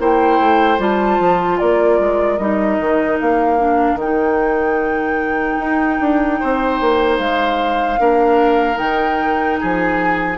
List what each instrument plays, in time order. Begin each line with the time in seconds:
0.00 bassoon A#3, clarinet E4, oboe C5, flute G5
0.40 bassoon A3
0.79 bassoon G3, clarinet F4, flute A5
1.20 bassoon F3
1.59 bassoon A#3, oboe A#4, flute D5
2.00 bassoon G#3
2.38 bassoon G3, clarinet D#4, flute D#5
2.79 bassoon D#3
3.20 bassoon A#3, flute F5
3.59 clarinet D4
3.95 bassoon D#3, flute G5
4.03 clarinet D#4
5.59 bassoon D#4
6.00 bassoon D4
6.40 bassoon C4, oboe C5
6.81 bassoon A#3
7.19 bassoon G#3, flute F5
7.99 bassoon A#3, clarinet D4, oboe A#4
8.75 bassoon D#3, clarinet D#4, flute G5
9.59 bassoon F3, oboe G#4, flute G#5